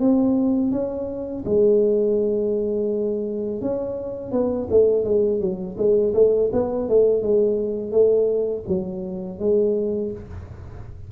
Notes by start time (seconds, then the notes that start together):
0.00 C4
0.72 C#4
1.46 G#3
3.62 C#4
4.32 B3
4.71 A3
5.05 G#3
5.41 F#3
5.78 G#3
6.14 A3
6.53 B3
6.89 A3
7.23 G#3
7.92 A3
8.68 F#3
9.40 G#3